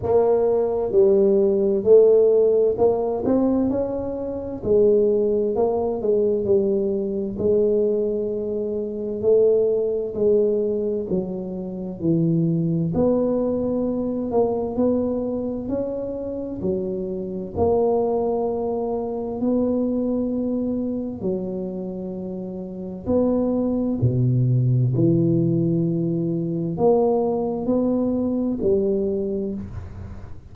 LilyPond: \new Staff \with { instrumentName = "tuba" } { \time 4/4 \tempo 4 = 65 ais4 g4 a4 ais8 c'8 | cis'4 gis4 ais8 gis8 g4 | gis2 a4 gis4 | fis4 e4 b4. ais8 |
b4 cis'4 fis4 ais4~ | ais4 b2 fis4~ | fis4 b4 b,4 e4~ | e4 ais4 b4 g4 | }